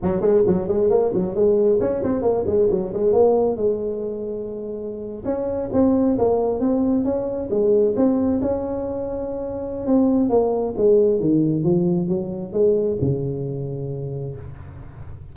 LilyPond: \new Staff \with { instrumentName = "tuba" } { \time 4/4 \tempo 4 = 134 fis8 gis8 fis8 gis8 ais8 fis8 gis4 | cis'8 c'8 ais8 gis8 fis8 gis8 ais4 | gis2.~ gis8. cis'16~ | cis'8. c'4 ais4 c'4 cis'16~ |
cis'8. gis4 c'4 cis'4~ cis'16~ | cis'2 c'4 ais4 | gis4 dis4 f4 fis4 | gis4 cis2. | }